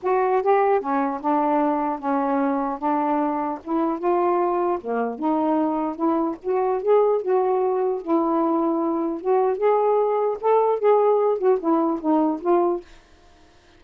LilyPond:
\new Staff \with { instrumentName = "saxophone" } { \time 4/4 \tempo 4 = 150 fis'4 g'4 cis'4 d'4~ | d'4 cis'2 d'4~ | d'4 e'4 f'2 | ais4 dis'2 e'4 |
fis'4 gis'4 fis'2 | e'2. fis'4 | gis'2 a'4 gis'4~ | gis'8 fis'8 e'4 dis'4 f'4 | }